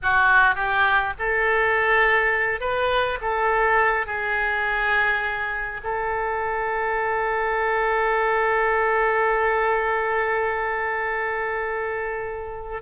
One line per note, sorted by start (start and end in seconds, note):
0.02 0.55 F#4
0.55 1.13 G4
1.19 2.60 A4
2.60 3.18 B4
3.21 4.06 A4
4.06 5.81 G#4
5.83 12.82 A4